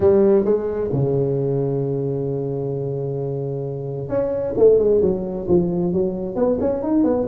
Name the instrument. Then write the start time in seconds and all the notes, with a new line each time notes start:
tuba
0.00 G3
0.44 G#3
0.92 C#3
4.08 C#4
4.57 A3
4.78 G#3
5.01 F#3
5.48 F3
5.92 F#3
6.35 B3
6.60 C#4
6.82 D#4
7.04 B3